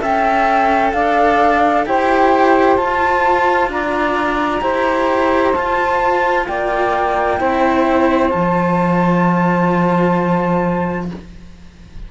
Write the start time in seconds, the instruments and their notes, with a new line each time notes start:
0.00 cello C#4 A4, saxophone E5, flute G5
0.92 cello D4, saxophone D5, flute F5
1.85 cello E4 G4, saxophone C5, flute G5
2.77 cello F4, flute A5
3.68 cello D4, saxophone D5, flute A#5
4.61 cello E4 G4, saxophone C5
5.54 cello F4, flute A5
6.47 cello A#3, saxophone D5, flute G5
7.38 cello C4 E4, saxophone C5
8.29 cello F3 F4, flute A5